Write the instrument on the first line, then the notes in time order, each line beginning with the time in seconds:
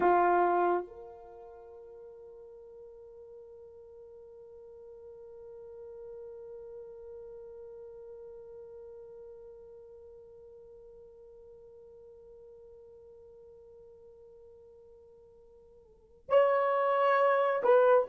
horn
0.00 F4
0.87 A#4
16.29 C#5
17.63 B4